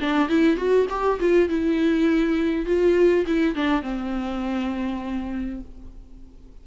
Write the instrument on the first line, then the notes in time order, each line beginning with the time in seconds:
viola
0.00 D4
0.29 E4
0.57 F#4
0.90 G4
1.20 F4
1.49 E4
2.66 F4
3.26 E4
3.55 D4
3.82 C4